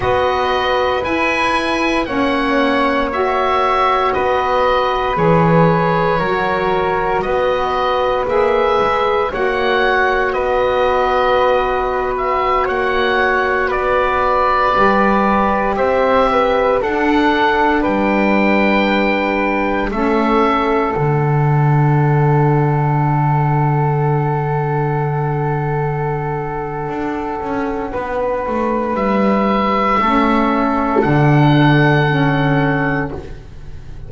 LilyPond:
<<
  \new Staff \with { instrumentName = "oboe" } { \time 4/4 \tempo 4 = 58 dis''4 gis''4 fis''4 e''4 | dis''4 cis''2 dis''4 | e''4 fis''4 dis''4.~ dis''16 e''16~ | e''16 fis''4 d''2 e''8.~ |
e''16 fis''4 g''2 e''8.~ | e''16 fis''2.~ fis''8.~ | fis''1 | e''2 fis''2 | }
  \new Staff \with { instrumentName = "flute" } { \time 4/4 b'2 cis''2 | b'2 ais'4 b'4~ | b'4 cis''4 b'2~ | b'16 cis''4 b'2 c''8 b'16~ |
b'16 a'4 b'2 a'8.~ | a'1~ | a'2. b'4~ | b'4 a'2. | }
  \new Staff \with { instrumentName = "saxophone" } { \time 4/4 fis'4 e'4 cis'4 fis'4~ | fis'4 gis'4 fis'2 | gis'4 fis'2.~ | fis'2~ fis'16 g'4.~ g'16~ |
g'16 d'2. cis'8.~ | cis'16 d'2.~ d'8.~ | d'1~ | d'4 cis'4 d'4 cis'4 | }
  \new Staff \with { instrumentName = "double bass" } { \time 4/4 b4 e'4 ais2 | b4 e4 fis4 b4 | ais8 gis8 ais4 b2~ | b16 ais4 b4 g4 c'8.~ |
c'16 d'4 g2 a8.~ | a16 d2.~ d8.~ | d2 d'8 cis'8 b8 a8 | g4 a4 d2 | }
>>